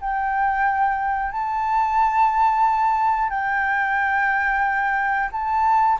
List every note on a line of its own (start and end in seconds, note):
0.00 1.31 G5
1.31 3.29 A5
3.29 5.29 G5
5.32 5.98 A5